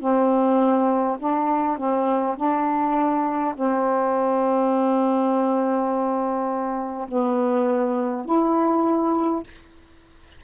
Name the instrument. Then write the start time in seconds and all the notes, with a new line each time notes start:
saxophone
0.00 C4
1.19 D4
1.78 C4
2.37 D4
3.55 C4
7.09 B3
8.26 E4